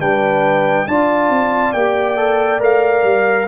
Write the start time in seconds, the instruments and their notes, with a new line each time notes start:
0.00 tuba G3, trombone D4, horn B4, trumpet G5
0.87 tuba D4, trombone F4, horn D5, trumpet A5
1.29 tuba C4
1.73 tuba A#3, trombone G4, trumpet G5
2.16 trombone A4
2.59 tuba A3, trombone A#4, trumpet F5
3.03 tuba G3